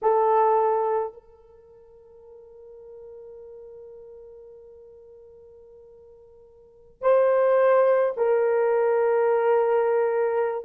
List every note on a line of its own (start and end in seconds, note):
0.02 1.13 A4
1.13 7.01 A#4
7.01 8.13 C5
8.16 10.64 A#4